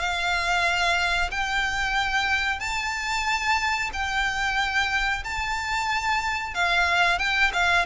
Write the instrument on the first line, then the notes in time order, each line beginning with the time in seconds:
violin
0.00 F5
1.32 G5
2.60 A5
3.93 G5
5.24 A5
6.55 F5
7.19 G5
7.54 F5